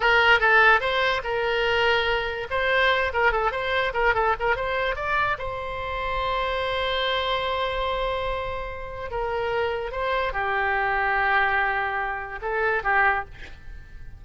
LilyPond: \new Staff \with { instrumentName = "oboe" } { \time 4/4 \tempo 4 = 145 ais'4 a'4 c''4 ais'4~ | ais'2 c''4. ais'8 | a'8 c''4 ais'8 a'8 ais'8 c''4 | d''4 c''2.~ |
c''1~ | c''2 ais'2 | c''4 g'2.~ | g'2 a'4 g'4 | }